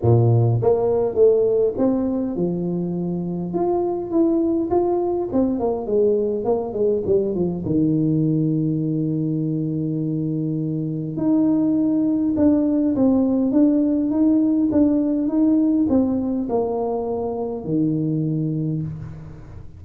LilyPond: \new Staff \with { instrumentName = "tuba" } { \time 4/4 \tempo 4 = 102 ais,4 ais4 a4 c'4 | f2 f'4 e'4 | f'4 c'8 ais8 gis4 ais8 gis8 | g8 f8 dis2.~ |
dis2. dis'4~ | dis'4 d'4 c'4 d'4 | dis'4 d'4 dis'4 c'4 | ais2 dis2 | }